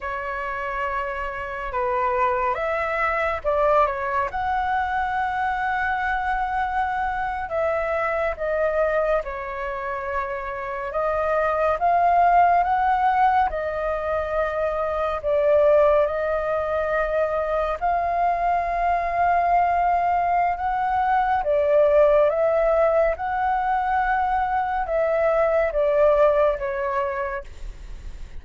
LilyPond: \new Staff \with { instrumentName = "flute" } { \time 4/4 \tempo 4 = 70 cis''2 b'4 e''4 | d''8 cis''8 fis''2.~ | fis''8. e''4 dis''4 cis''4~ cis''16~ | cis''8. dis''4 f''4 fis''4 dis''16~ |
dis''4.~ dis''16 d''4 dis''4~ dis''16~ | dis''8. f''2.~ f''16 | fis''4 d''4 e''4 fis''4~ | fis''4 e''4 d''4 cis''4 | }